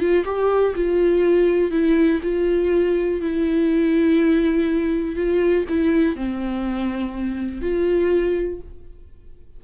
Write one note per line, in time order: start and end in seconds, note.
0.00 0.25 F4
0.25 0.74 G4
0.75 1.71 F4
1.71 2.20 E4
2.23 3.21 F4
3.21 5.16 E4
5.16 5.65 F4
5.69 6.16 E4
6.16 7.62 C4
7.62 8.60 F4